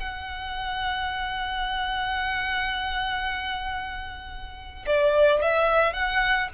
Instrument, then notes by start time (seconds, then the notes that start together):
violin
0.00 F#5
4.87 D5
5.42 E5
5.93 F#5